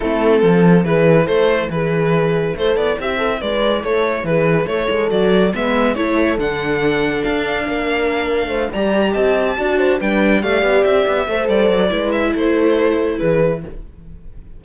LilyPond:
<<
  \new Staff \with { instrumentName = "violin" } { \time 4/4 \tempo 4 = 141 a'2 b'4 c''4 | b'2 c''8 d''8 e''4 | d''4 cis''4 b'4 cis''4 | d''4 e''4 cis''4 fis''4~ |
fis''4 f''2.~ | f''8 ais''4 a''2 g''8~ | g''8 f''4 e''4. d''4~ | d''8 e''8 c''2 b'4 | }
  \new Staff \with { instrumentName = "horn" } { \time 4/4 e'4 a'4 gis'4 a'4 | gis'2 a'4 g'8 a'8 | b'4 a'4 gis'4 a'4~ | a'4 b'4 a'2~ |
a'2 ais'2 | c''8 d''4 dis''4 d''8 c''8 b'8~ | b'8 d''2 c''4. | b'4 a'2 gis'4 | }
  \new Staff \with { instrumentName = "viola" } { \time 4/4 c'2 e'2~ | e'1~ | e'1 | fis'4 b4 e'4 d'4~ |
d'1~ | d'8 g'2 fis'4 d'8~ | d'8 g'2 a'4. | e'1 | }
  \new Staff \with { instrumentName = "cello" } { \time 4/4 a4 f4 e4 a4 | e2 a8 b8 c'4 | gis4 a4 e4 a8 gis8 | fis4 gis4 a4 d4~ |
d4 d'4 ais2 | a8 g4 c'4 d'4 g8~ | g8 a8 b8 c'8 b8 a8 g8 fis8 | gis4 a2 e4 | }
>>